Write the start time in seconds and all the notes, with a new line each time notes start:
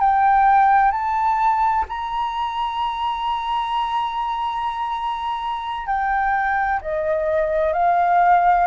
0.00 G5
0.92 A5
1.89 A#5
5.87 G5
6.82 D#5
7.73 F5